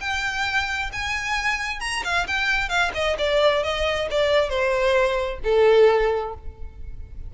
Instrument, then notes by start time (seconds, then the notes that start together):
violin
0.00 G5
0.92 G#5
1.80 A#5
2.04 F5
2.27 G5
2.68 F5
2.94 D#5
3.18 D5
3.63 D#5
4.10 D5
4.49 C5
5.44 A4